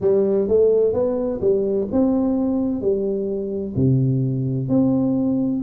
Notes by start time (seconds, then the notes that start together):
0.00 G3
0.48 A3
0.93 B3
1.40 G3
1.92 C4
2.81 G3
3.75 C3
4.69 C4